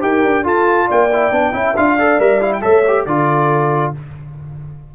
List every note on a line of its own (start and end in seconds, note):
0.00 0.24 D#4
0.00 0.43 G4
0.00 0.44 A#4
0.00 0.46 G5
0.24 0.46 D4
0.44 1.09 F4
0.44 0.89 F4
0.44 0.86 A4
0.44 0.90 A5
0.86 1.31 A#3
0.86 1.52 D5
0.86 1.76 G5
1.13 1.32 E4
1.31 1.53 B3
1.31 1.53 D4
1.52 1.75 C#4
1.52 1.75 E4
1.52 1.95 E5
1.76 2.19 D4
1.76 1.98 F4
1.76 2.20 F5
1.96 2.19 A4
1.96 2.61 D5
2.19 2.62 G3
2.19 2.41 A#4
2.19 2.42 E5
2.41 2.61 E4
2.41 2.53 F5
2.53 2.62 G5
2.61 3.06 A3
2.61 2.83 A4
2.61 3.06 C#5
2.61 3.05 E5
2.87 3.08 G4
3.06 3.93 D3
3.06 3.95 F4
3.06 3.95 A4
3.06 3.93 D5